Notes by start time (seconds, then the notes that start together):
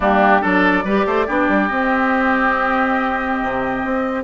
0.00 G3 A#3 D4 G4
0.40 F#3 D4 A4 D5
0.84 G3 G4 B4
1.05 A3 C5
1.26 B3 D4 G4
1.48 G3
1.67 C4 D#5
3.42 C3
3.84 C4